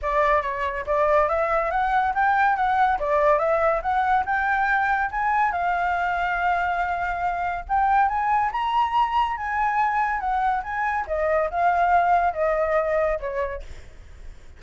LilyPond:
\new Staff \with { instrumentName = "flute" } { \time 4/4 \tempo 4 = 141 d''4 cis''4 d''4 e''4 | fis''4 g''4 fis''4 d''4 | e''4 fis''4 g''2 | gis''4 f''2.~ |
f''2 g''4 gis''4 | ais''2 gis''2 | fis''4 gis''4 dis''4 f''4~ | f''4 dis''2 cis''4 | }